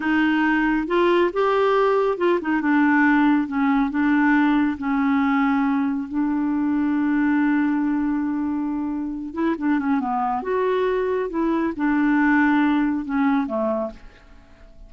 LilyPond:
\new Staff \with { instrumentName = "clarinet" } { \time 4/4 \tempo 4 = 138 dis'2 f'4 g'4~ | g'4 f'8 dis'8 d'2 | cis'4 d'2 cis'4~ | cis'2 d'2~ |
d'1~ | d'4. e'8 d'8 cis'8 b4 | fis'2 e'4 d'4~ | d'2 cis'4 a4 | }